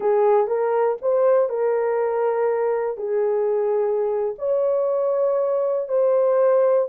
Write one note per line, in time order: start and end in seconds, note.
0.00 0.47 G#4
0.47 0.97 A#4
1.01 1.49 C5
1.49 2.97 A#4
2.97 4.35 G#4
4.38 5.88 C#5
5.88 6.88 C5